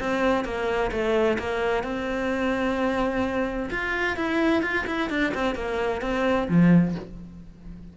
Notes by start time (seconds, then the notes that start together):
0.00 C4
0.45 A#3
0.92 A3
1.39 A#3
1.84 C4
3.71 F4
4.17 E4
4.63 F4
4.87 E4
5.10 D4
5.34 C4
5.56 A#3
6.02 C4
6.49 F3